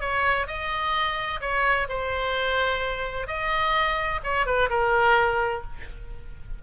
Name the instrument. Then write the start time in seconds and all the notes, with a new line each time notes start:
oboe
0.00 C#5
0.47 D#5
1.41 C#5
1.89 C5
3.27 D#5
4.23 C#5
4.45 B4
4.69 A#4